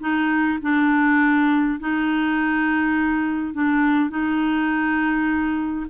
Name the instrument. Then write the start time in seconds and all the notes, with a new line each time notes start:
clarinet
0.00 D#4
0.62 D4
1.80 D#4
3.54 D4
4.10 D#4